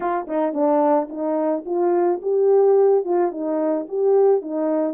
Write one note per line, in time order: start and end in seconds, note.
0.00 0.26 F4
0.27 0.53 D#4
0.53 1.08 D4
1.09 1.64 D#4
1.65 2.20 F4
2.22 3.04 G4
3.04 3.31 F4
3.31 3.86 D#4
3.88 4.41 G4
4.41 4.93 D#4